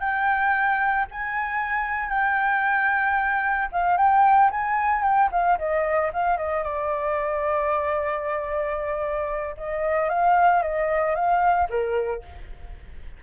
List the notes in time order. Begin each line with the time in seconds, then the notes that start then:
0.00 G5
1.11 G#5
2.09 G5
3.72 F5
3.97 G5
4.51 G#5
5.02 G5
5.31 F5
5.58 D#5
6.13 F5
6.37 D#5
6.63 D5
9.57 D#5
10.09 F5
10.62 D#5
11.15 F5
11.69 A#4